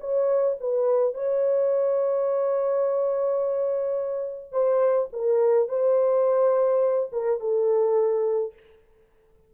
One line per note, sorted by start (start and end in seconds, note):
0.00 0.57 C#5
0.60 1.14 B4
1.14 4.52 C#5
4.52 5.08 C5
5.13 5.68 A#4
5.68 7.10 C5
7.12 7.40 A#4
7.40 8.53 A4